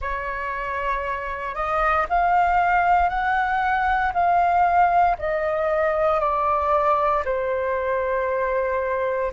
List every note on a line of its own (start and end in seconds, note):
0.00 1.54 C#5
1.54 2.06 D#5
2.09 3.08 F5
3.08 4.12 F#5
4.13 5.17 F5
5.18 6.20 D#5
6.20 7.23 D5
7.25 9.32 C5